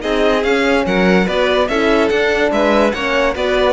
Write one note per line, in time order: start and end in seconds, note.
0.00 0.44 C4
0.00 0.42 D#4
0.00 0.86 G#4
0.00 0.44 D#5
0.44 0.86 C#4
0.44 1.27 C#4
0.44 0.86 F5
0.86 1.28 F#3
0.86 1.26 A#4
0.86 1.28 F#5
1.26 1.69 B3
1.26 1.69 F#4
1.26 1.68 B4
1.26 1.69 D5
1.69 2.11 C#4
1.69 2.11 E4
1.69 2.53 A4
1.69 2.09 E5
2.09 2.94 D4
2.09 2.52 D4
2.09 2.51 F#5
2.52 2.93 G#3
2.52 2.95 B4
2.52 2.93 E5
2.93 3.36 A#3
2.93 3.35 C#4
2.93 3.34 C#5
2.93 3.34 F#5
3.34 3.74 B3
3.34 3.74 F#4
3.34 3.74 B4
3.34 3.74 D5